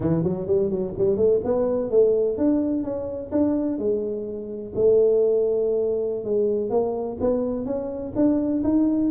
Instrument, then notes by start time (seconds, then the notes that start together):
tuba
0.00 E3
0.23 F#3
0.46 G3
0.70 F#3
0.97 G3
1.17 A3
1.44 B3
1.90 A3
2.37 D4
2.83 C#4
3.31 D4
3.78 G#3
4.75 A3
6.24 G#3
6.70 A#3
7.20 B3
7.65 C#4
8.15 D4
8.63 D#4